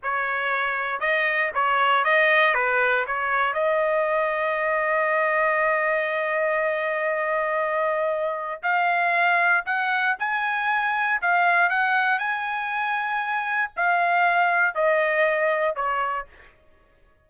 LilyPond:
\new Staff \with { instrumentName = "trumpet" } { \time 4/4 \tempo 4 = 118 cis''2 dis''4 cis''4 | dis''4 b'4 cis''4 dis''4~ | dis''1~ | dis''1~ |
dis''4 f''2 fis''4 | gis''2 f''4 fis''4 | gis''2. f''4~ | f''4 dis''2 cis''4 | }